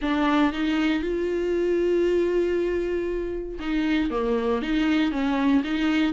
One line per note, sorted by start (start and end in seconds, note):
0.01 0.52 D4
0.53 1.02 D#4
1.02 3.58 F4
3.59 4.10 D#4
4.10 4.62 A#3
4.62 5.11 D#4
5.11 5.62 C#4
5.64 6.13 D#4